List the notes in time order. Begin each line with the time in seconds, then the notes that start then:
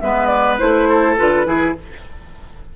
0.00 G#3 B3 B4 E5
0.27 D5
0.59 A3 E4 C5
0.89 A4
1.18 D3 F4 B4
1.45 E3 E4 G#4